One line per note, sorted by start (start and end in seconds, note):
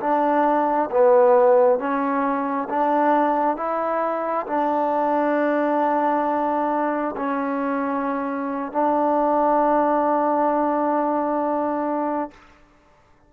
0.00 0.90 D4
0.91 1.79 B3
1.79 2.68 C#4
2.69 3.57 D4
3.57 4.46 E4
4.47 7.15 D4
7.16 8.72 C#4
8.72 12.31 D4